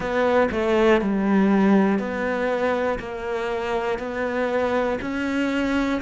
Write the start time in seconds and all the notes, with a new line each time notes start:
0.00 B3
0.50 A3
1.01 G3
1.99 B3
2.99 A#3
3.98 B3
5.00 C#4